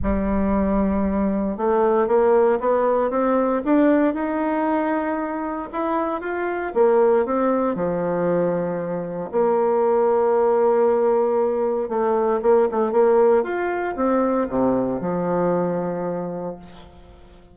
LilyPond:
\new Staff \with { instrumentName = "bassoon" } { \time 4/4 \tempo 4 = 116 g2. a4 | ais4 b4 c'4 d'4 | dis'2. e'4 | f'4 ais4 c'4 f4~ |
f2 ais2~ | ais2. a4 | ais8 a8 ais4 f'4 c'4 | c4 f2. | }